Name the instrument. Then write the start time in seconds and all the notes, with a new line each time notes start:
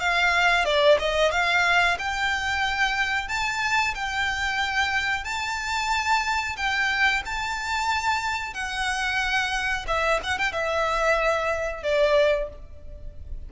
violin
0.00 F5
0.65 D5
0.99 D#5
1.32 F5
1.98 G5
3.28 A5
3.94 G5
5.24 A5
6.56 G5
7.25 A5
8.54 F#5
9.87 E5
10.23 F#5
10.38 G5
10.52 E5
11.83 D5